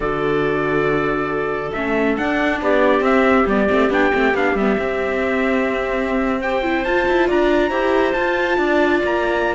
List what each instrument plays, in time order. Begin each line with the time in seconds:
0.00 cello D3, viola F#4, clarinet A4, trumpet D5
1.72 cello A3, viola C#4, trumpet E5
2.17 viola D4, cello D4, trumpet F#5
2.61 cello B3, clarinet G4, trumpet D5
3.00 cello C4, viola C4, trumpet E5
3.46 cello G3, viola B3, trumpet D5
3.69 cello A3, viola C4
3.89 cello B3, viola D4, trumpet G5
4.13 cello A3, viola C4
4.34 cello B3, viola D4, trumpet F5
4.54 cello G3, viola B3, trumpet E5
4.78 viola C4, cello C4
6.41 viola G4, clarinet C5, trumpet G5
6.62 viola E4
6.84 cello F4, viola F4, trumpet A5
7.08 cello E4
7.27 cello D4, clarinet D5, trumpet A#5
7.70 cello E4, viola G4, clarinet C5
8.12 cello F4, viola F4, trumpet A5
8.57 cello D4, clarinet D5
9.04 cello A#3, trumpet A#5